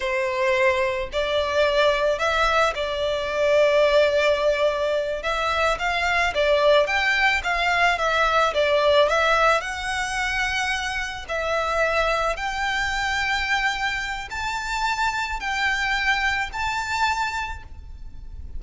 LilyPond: \new Staff \with { instrumentName = "violin" } { \time 4/4 \tempo 4 = 109 c''2 d''2 | e''4 d''2.~ | d''4. e''4 f''4 d''8~ | d''8 g''4 f''4 e''4 d''8~ |
d''8 e''4 fis''2~ fis''8~ | fis''8 e''2 g''4.~ | g''2 a''2 | g''2 a''2 | }